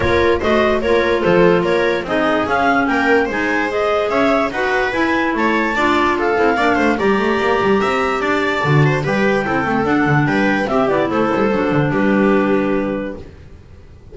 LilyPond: <<
  \new Staff \with { instrumentName = "clarinet" } { \time 4/4 \tempo 4 = 146 cis''4 dis''4 cis''4 c''4 | cis''4 dis''4 f''4 g''4 | gis''4 dis''4 e''4 fis''4 | gis''4 a''2 f''4~ |
f''4 ais''2. | a''2 g''2 | fis''4 g''4 e''8 d''8 c''4~ | c''4 b'2. | }
  \new Staff \with { instrumentName = "viola" } { \time 4/4 ais'4 c''4 ais'4 a'4 | ais'4 gis'2 ais'4 | c''2 cis''4 b'4~ | b'4 cis''4 d''4 a'4 |
d''8 c''8 d''2 e''4 | d''4. c''8 b'4 a'4~ | a'4 b'4 g'4 a'4~ | a'4 g'2. | }
  \new Staff \with { instrumentName = "clarinet" } { \time 4/4 f'4 fis'4 f'2~ | f'4 dis'4 cis'2 | dis'4 gis'2 fis'4 | e'2 f'4. e'8 |
d'4 g'2.~ | g'4 fis'4 g'4 e'8 c'8 | d'2 c'8 e'4. | d'1 | }
  \new Staff \with { instrumentName = "double bass" } { \time 4/4 ais4 a4 ais4 f4 | ais4 c'4 cis'4 ais4 | gis2 cis'4 dis'4 | e'4 a4 d'4. c'8 |
ais8 a8 g8 a8 ais8 g8 c'4 | d'4 d4 g4 c'8 a8 | d'8 d8 g4 c'8 b8 a8 g8 | fis8 d8 g2. | }
>>